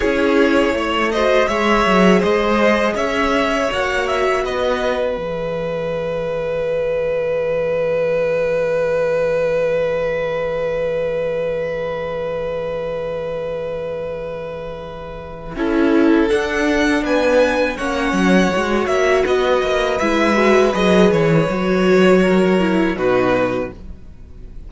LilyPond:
<<
  \new Staff \with { instrumentName = "violin" } { \time 4/4 \tempo 4 = 81 cis''4. dis''8 e''4 dis''4 | e''4 fis''8 e''8 dis''4 e''4~ | e''1~ | e''1~ |
e''1~ | e''2 fis''4 gis''4 | fis''4. e''8 dis''4 e''4 | dis''8 cis''2~ cis''8 b'4 | }
  \new Staff \with { instrumentName = "violin" } { \time 4/4 gis'4 cis''8 c''8 cis''4 c''4 | cis''2 b'2~ | b'1~ | b'1~ |
b'1~ | b'4 a'2 b'4 | cis''2 b'2~ | b'2 ais'4 fis'4 | }
  \new Staff \with { instrumentName = "viola" } { \time 4/4 e'4. fis'8 gis'2~ | gis'4 fis'2 gis'4~ | gis'1~ | gis'1~ |
gis'1~ | gis'4 e'4 d'2 | cis'4 fis'2 e'8 fis'8 | gis'4 fis'4. e'8 dis'4 | }
  \new Staff \with { instrumentName = "cello" } { \time 4/4 cis'4 a4 gis8 fis8 gis4 | cis'4 ais4 b4 e4~ | e1~ | e1~ |
e1~ | e4 cis'4 d'4 b4 | ais8 fis8 gis8 ais8 b8 ais8 gis4 | fis8 e8 fis2 b,4 | }
>>